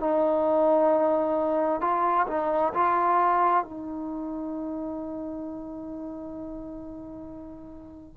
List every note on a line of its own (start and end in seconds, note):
0.00 1.81 D#4
1.81 2.27 F4
2.27 2.73 D#4
2.74 3.64 F4
3.64 8.17 D#4